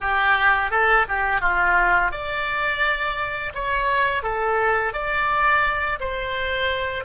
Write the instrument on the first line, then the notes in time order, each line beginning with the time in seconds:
oboe
0.00 G4
0.70 A4
1.08 G4
1.41 F4
2.11 D5
3.54 C#5
4.22 A4
4.93 D5
6.00 C5